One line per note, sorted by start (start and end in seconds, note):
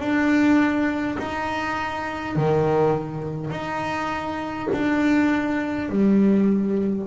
0.00 1.18 D4
1.18 2.36 D#4
2.36 3.50 D#3
3.50 4.68 D#4
4.73 5.89 D4
5.89 7.07 G3